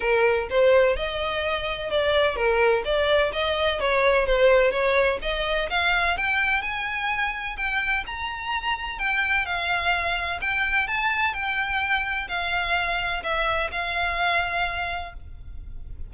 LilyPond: \new Staff \with { instrumentName = "violin" } { \time 4/4 \tempo 4 = 127 ais'4 c''4 dis''2 | d''4 ais'4 d''4 dis''4 | cis''4 c''4 cis''4 dis''4 | f''4 g''4 gis''2 |
g''4 ais''2 g''4 | f''2 g''4 a''4 | g''2 f''2 | e''4 f''2. | }